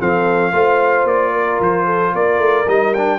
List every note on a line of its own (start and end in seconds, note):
0.00 0.53 F3
0.00 0.53 C4
0.00 0.54 A4
0.00 1.07 F5
0.53 1.05 A3
0.53 2.67 F4
0.53 1.32 C5
1.05 1.58 A#3
1.05 1.61 D5
1.32 1.86 A#4
1.60 2.14 F3
1.60 2.16 C5
1.86 2.12 A4
2.12 2.39 A#3
2.12 3.19 A#4
2.12 2.69 D5
2.39 2.65 A3
2.68 3.20 G3
2.68 2.95 D#4
2.68 2.94 D#5
2.94 3.20 D4
2.94 3.20 G5